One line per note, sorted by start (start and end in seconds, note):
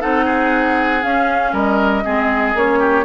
0.00 1.04 C4
0.00 1.02 D#4
0.00 0.25 A4
0.00 1.03 F#5
0.25 1.52 G#4
1.03 2.04 C#4
1.03 1.53 C#4
1.03 1.54 F5
1.53 2.04 G3
1.53 2.04 A#4
1.53 2.58 D#5
2.04 2.55 G#3
2.04 2.55 C4
2.04 2.79 G#4
2.55 3.05 A#3
2.55 3.05 C#4
2.55 3.05 C#5
2.79 3.05 G4